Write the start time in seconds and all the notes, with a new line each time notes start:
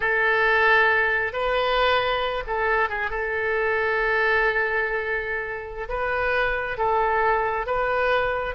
0.00 A4
1.32 B4
2.46 A4
2.89 G#4
3.10 A4
5.88 B4
6.77 A4
7.66 B4